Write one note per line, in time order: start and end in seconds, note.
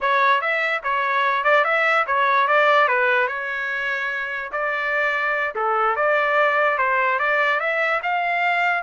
0.01 0.41 C#5
0.41 0.82 E5
0.83 1.44 C#5
1.44 1.64 D5
1.64 2.05 E5
2.06 2.47 C#5
2.47 2.87 D5
2.87 3.27 B4
3.27 4.51 C#5
4.52 5.54 D5
5.55 5.96 A4
5.96 6.78 D5
6.78 7.19 C5
7.19 7.60 D5
7.60 8.01 E5
8.02 8.83 F5